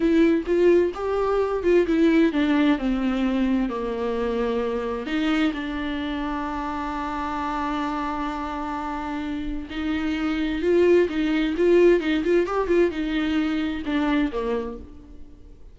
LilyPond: \new Staff \with { instrumentName = "viola" } { \time 4/4 \tempo 4 = 130 e'4 f'4 g'4. f'8 | e'4 d'4 c'2 | ais2. dis'4 | d'1~ |
d'1~ | d'4 dis'2 f'4 | dis'4 f'4 dis'8 f'8 g'8 f'8 | dis'2 d'4 ais4 | }